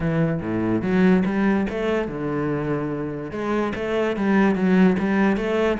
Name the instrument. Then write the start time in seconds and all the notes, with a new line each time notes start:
cello
0.00 E3
0.41 A2
0.82 F#3
1.25 G3
1.69 A3
2.07 D3
3.31 G#3
3.75 A3
4.16 G3
4.55 F#3
4.98 G3
5.36 A3